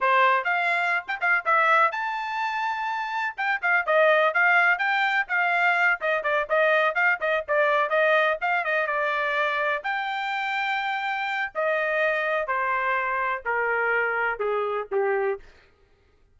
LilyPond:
\new Staff \with { instrumentName = "trumpet" } { \time 4/4 \tempo 4 = 125 c''4 f''4~ f''16 g''16 f''8 e''4 | a''2. g''8 f''8 | dis''4 f''4 g''4 f''4~ | f''8 dis''8 d''8 dis''4 f''8 dis''8 d''8~ |
d''8 dis''4 f''8 dis''8 d''4.~ | d''8 g''2.~ g''8 | dis''2 c''2 | ais'2 gis'4 g'4 | }